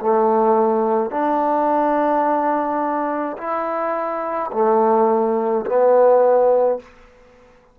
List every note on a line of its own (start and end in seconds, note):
0.00 1.11 A3
1.11 3.37 D4
3.38 4.51 E4
4.52 5.65 A3
5.66 6.79 B3